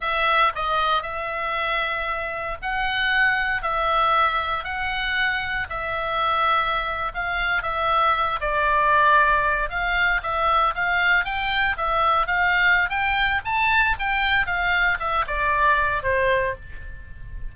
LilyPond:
\new Staff \with { instrumentName = "oboe" } { \time 4/4 \tempo 4 = 116 e''4 dis''4 e''2~ | e''4 fis''2 e''4~ | e''4 fis''2 e''4~ | e''4.~ e''16 f''4 e''4~ e''16~ |
e''16 d''2~ d''8 f''4 e''16~ | e''8. f''4 g''4 e''4 f''16~ | f''4 g''4 a''4 g''4 | f''4 e''8 d''4. c''4 | }